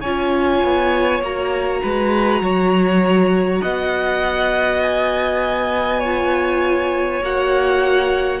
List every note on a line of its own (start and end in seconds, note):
0.00 0.63 C#4
0.00 1.23 F4
0.00 1.80 C#5
0.00 1.21 G#5
0.63 1.21 B3
1.21 1.81 A#3
1.21 6.03 F#4
1.21 3.61 A#5
1.82 2.41 G#3
1.82 2.42 B4
2.41 3.60 F#3
2.41 3.62 C#5
3.61 7.21 B3
3.61 5.99 D#5
3.61 4.81 F#5
4.82 7.22 G#5
5.99 7.23 F4
5.99 8.39 C#5
7.21 8.40 A#3
7.21 8.40 F#4
7.21 8.40 F#5